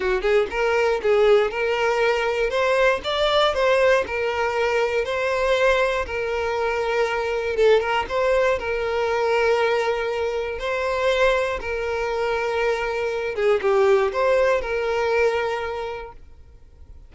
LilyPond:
\new Staff \with { instrumentName = "violin" } { \time 4/4 \tempo 4 = 119 fis'8 gis'8 ais'4 gis'4 ais'4~ | ais'4 c''4 d''4 c''4 | ais'2 c''2 | ais'2. a'8 ais'8 |
c''4 ais'2.~ | ais'4 c''2 ais'4~ | ais'2~ ais'8 gis'8 g'4 | c''4 ais'2. | }